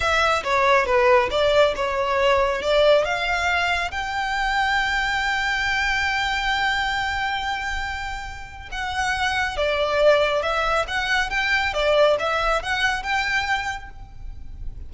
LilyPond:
\new Staff \with { instrumentName = "violin" } { \time 4/4 \tempo 4 = 138 e''4 cis''4 b'4 d''4 | cis''2 d''4 f''4~ | f''4 g''2.~ | g''1~ |
g''1 | fis''2 d''2 | e''4 fis''4 g''4 d''4 | e''4 fis''4 g''2 | }